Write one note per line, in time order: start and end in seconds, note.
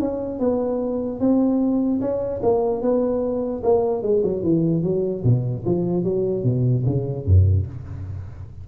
0.00 0.40 C#4
0.40 1.20 B3
1.20 2.01 C4
2.01 2.41 C#4
2.43 2.82 A#3
2.82 3.63 B3
3.64 4.03 A#3
4.03 4.23 G#3
4.24 4.43 F#3
4.43 4.83 E3
4.83 5.23 F#3
5.24 5.64 B2
5.66 6.04 F3
6.04 6.44 F#3
6.44 6.84 B2
6.86 7.26 C#3
7.26 7.66 F#2